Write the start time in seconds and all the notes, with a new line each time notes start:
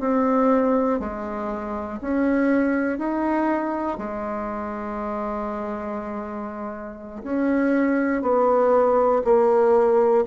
0.00 C4
1.00 G#3
2.01 C#4
2.99 D#4
3.98 G#3
7.24 C#4
8.22 B3
9.25 A#3